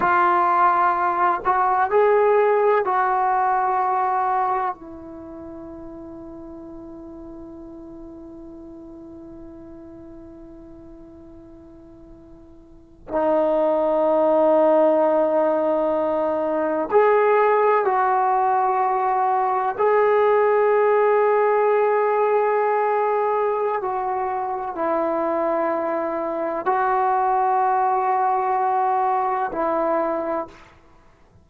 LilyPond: \new Staff \with { instrumentName = "trombone" } { \time 4/4 \tempo 4 = 63 f'4. fis'8 gis'4 fis'4~ | fis'4 e'2.~ | e'1~ | e'4.~ e'16 dis'2~ dis'16~ |
dis'4.~ dis'16 gis'4 fis'4~ fis'16~ | fis'8. gis'2.~ gis'16~ | gis'4 fis'4 e'2 | fis'2. e'4 | }